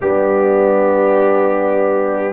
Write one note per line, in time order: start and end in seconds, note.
0.01 2.32 G3
0.01 2.32 B3
0.01 2.32 D4
0.01 2.32 G4